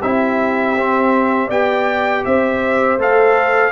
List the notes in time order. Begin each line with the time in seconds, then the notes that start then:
0.00 C4 E4 G4 E5
0.78 C4
1.47 B3 G4 D5 G5
2.25 C4 C5 E5
2.98 A3 A4 F5